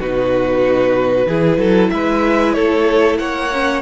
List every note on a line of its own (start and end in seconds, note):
0.00 1.26 B2
0.00 1.28 D#4
0.00 1.28 F#4
0.00 1.90 B4
1.26 1.57 E3
1.26 3.51 E4
1.26 1.59 G#4
1.57 1.89 F#3
1.57 1.91 A4
1.90 2.57 G#3
1.90 2.56 B4
1.90 2.53 E5
2.53 3.20 A3
2.53 3.19 A4
2.53 3.17 C#5
3.18 3.82 A#3
3.18 3.82 C#5
3.18 3.82 F#5
3.53 3.82 C#4